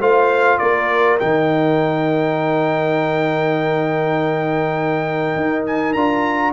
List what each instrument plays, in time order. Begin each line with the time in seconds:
0.00 tuba A3, trombone F4, horn C5, trumpet F5
0.59 tuba A#3, horn A#4, trumpet D5
1.20 tuba D#3, trombone D#4, trumpet G5
5.36 tuba D#4
5.67 trumpet G#5
5.94 tuba D4, trombone F4, trumpet A#5